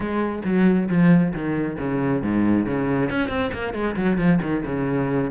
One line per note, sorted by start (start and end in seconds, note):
0.00 0.42 G#3
0.44 0.88 F#3
0.88 1.33 F3
1.33 1.77 D#3
1.78 2.22 C#3
2.22 2.66 G#2
2.66 3.10 C#3
3.10 3.28 C#4
3.28 3.50 C4
3.53 3.73 A#3
3.73 3.95 G#3
3.96 4.17 F#3
4.17 4.39 F3
4.42 4.64 D#3
4.65 5.31 C#3